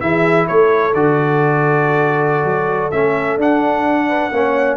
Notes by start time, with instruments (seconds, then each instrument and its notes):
0.00 tuba E3, trombone E4, horn G#4, trumpet E5
0.48 tuba A3, horn A4, trumpet C#5
0.94 tuba D3, trombone F#4, trumpet D5
2.44 tuba F#3
2.91 tuba A3, trombone C#4, trumpet E5
3.37 tuba D4, trombone D4, trumpet F#5
4.08 horn B4
4.32 tuba A#3, trombone C#4, horn C#5